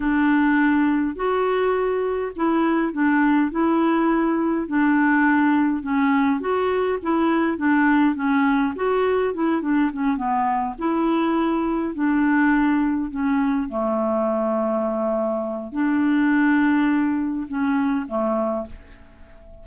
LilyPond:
\new Staff \with { instrumentName = "clarinet" } { \time 4/4 \tempo 4 = 103 d'2 fis'2 | e'4 d'4 e'2 | d'2 cis'4 fis'4 | e'4 d'4 cis'4 fis'4 |
e'8 d'8 cis'8 b4 e'4.~ | e'8 d'2 cis'4 a8~ | a2. d'4~ | d'2 cis'4 a4 | }